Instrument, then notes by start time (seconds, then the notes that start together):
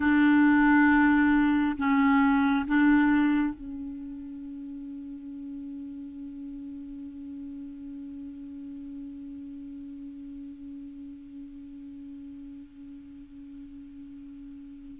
clarinet
0.00 D4
1.77 C#4
2.67 D4
3.54 C#4